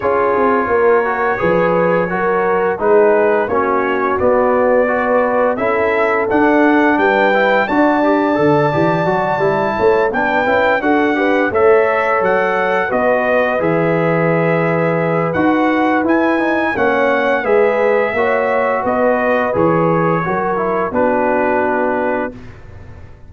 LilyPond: <<
  \new Staff \with { instrumentName = "trumpet" } { \time 4/4 \tempo 4 = 86 cis''1 | b'4 cis''4 d''2 | e''4 fis''4 g''4 a''4~ | a''2~ a''8 g''4 fis''8~ |
fis''8 e''4 fis''4 dis''4 e''8~ | e''2 fis''4 gis''4 | fis''4 e''2 dis''4 | cis''2 b'2 | }
  \new Staff \with { instrumentName = "horn" } { \time 4/4 gis'4 ais'4 b'4 ais'4 | gis'4 fis'2 b'4 | a'2 b'4 d''4~ | d''2 cis''8 b'4 a'8 |
b'8 cis''2 b'4.~ | b'1 | cis''4 b'4 cis''4 b'4~ | b'4 ais'4 fis'2 | }
  \new Staff \with { instrumentName = "trombone" } { \time 4/4 f'4. fis'8 gis'4 fis'4 | dis'4 cis'4 b4 fis'4 | e'4 d'4. e'8 fis'8 g'8 | a'8 g'8 fis'8 e'4 d'8 e'8 fis'8 |
g'8 a'2 fis'4 gis'8~ | gis'2 fis'4 e'8 dis'8 | cis'4 gis'4 fis'2 | gis'4 fis'8 e'8 d'2 | }
  \new Staff \with { instrumentName = "tuba" } { \time 4/4 cis'8 c'8 ais4 f4 fis4 | gis4 ais4 b2 | cis'4 d'4 g4 d'4 | d8 e8 fis8 g8 a8 b8 cis'8 d'8~ |
d'8 a4 fis4 b4 e8~ | e2 dis'4 e'4 | ais4 gis4 ais4 b4 | e4 fis4 b2 | }
>>